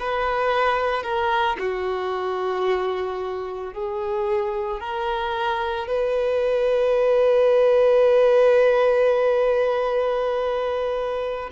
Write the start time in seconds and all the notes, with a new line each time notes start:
0.00 B4
1.03 A#4
1.59 F#4
3.74 G#4
4.81 A#4
5.88 B4